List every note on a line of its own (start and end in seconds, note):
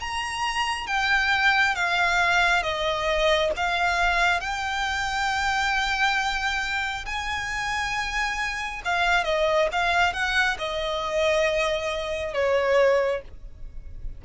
0.00 0.87 A#5
0.87 1.75 G5
1.75 2.63 F5
2.63 3.51 D#5
3.57 4.40 F5
4.40 7.05 G5
7.06 8.82 G#5
8.85 9.24 F5
9.24 9.68 D#5
9.72 10.13 F5
10.13 10.57 F#5
10.58 12.34 D#5
12.34 13.22 C#5